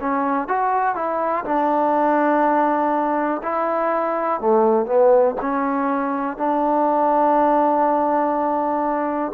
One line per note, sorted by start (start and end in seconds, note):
0.00 0.47 C#4
0.47 0.95 F#4
0.95 1.44 E4
1.45 3.42 D4
3.42 4.40 E4
4.40 4.86 A3
4.86 5.35 B3
5.41 6.37 C#4
6.37 9.32 D4